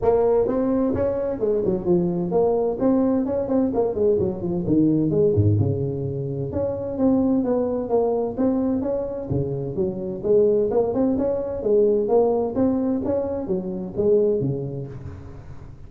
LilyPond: \new Staff \with { instrumentName = "tuba" } { \time 4/4 \tempo 4 = 129 ais4 c'4 cis'4 gis8 fis8 | f4 ais4 c'4 cis'8 c'8 | ais8 gis8 fis8 f8 dis4 gis8 gis,8 | cis2 cis'4 c'4 |
b4 ais4 c'4 cis'4 | cis4 fis4 gis4 ais8 c'8 | cis'4 gis4 ais4 c'4 | cis'4 fis4 gis4 cis4 | }